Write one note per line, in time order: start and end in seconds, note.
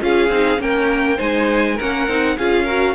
0.00 0.29 C#4
0.00 0.29 F4
0.00 0.62 G#4
0.00 0.61 F5
0.29 0.58 C4
0.29 0.58 D#4
0.58 1.18 A#3
0.58 1.17 C#4
0.58 1.17 A#4
0.58 1.20 G5
1.17 1.79 G#3
1.17 1.76 D#4
1.17 1.75 C5
1.17 1.79 G#5
1.75 2.08 A#3
1.75 2.08 C#4
1.75 2.34 A#4
1.75 2.37 F#5
2.08 2.37 C4
2.08 2.38 D#4
2.37 2.95 C#4
2.37 2.67 F4
2.37 2.64 G#4
2.37 2.95 F5
2.64 2.95 F#4
2.64 2.94 A#4